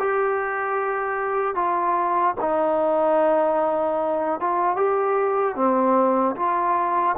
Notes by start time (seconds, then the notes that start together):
0.00 G4
1.56 F4
2.41 D#4
4.40 F4
4.76 G4
5.56 C4
6.36 F4